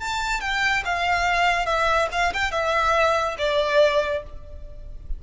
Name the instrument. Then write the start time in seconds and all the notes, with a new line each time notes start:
violin
0.00 A5
0.40 G5
0.85 F5
1.66 E5
2.12 F5
2.33 G5
2.51 E5
3.38 D5